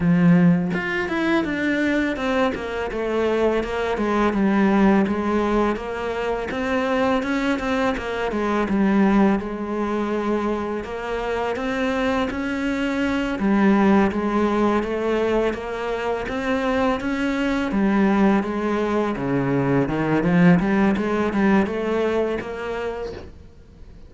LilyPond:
\new Staff \with { instrumentName = "cello" } { \time 4/4 \tempo 4 = 83 f4 f'8 e'8 d'4 c'8 ais8 | a4 ais8 gis8 g4 gis4 | ais4 c'4 cis'8 c'8 ais8 gis8 | g4 gis2 ais4 |
c'4 cis'4. g4 gis8~ | gis8 a4 ais4 c'4 cis'8~ | cis'8 g4 gis4 cis4 dis8 | f8 g8 gis8 g8 a4 ais4 | }